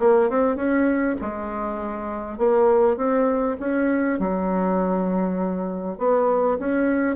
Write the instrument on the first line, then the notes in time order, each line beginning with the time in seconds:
bassoon
0.00 A#3
0.30 C4
0.56 C#4
1.22 G#3
2.39 A#3
2.97 C4
3.60 C#4
4.20 F#3
5.99 B3
6.59 C#4